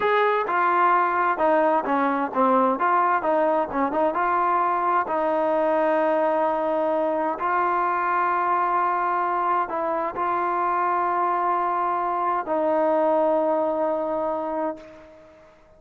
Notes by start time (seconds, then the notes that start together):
0.00 G#4
0.47 F4
1.38 D#4
1.85 C#4
2.34 C4
2.79 F4
3.22 D#4
3.71 C#4
3.92 D#4
4.14 F4
5.07 D#4
7.39 F4
9.68 E4
10.15 F4
12.46 D#4